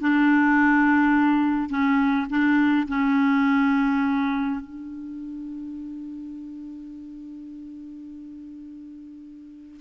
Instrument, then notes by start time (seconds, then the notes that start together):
clarinet
0.00 D4
1.69 C#4
2.29 D4
2.88 C#4
4.60 D4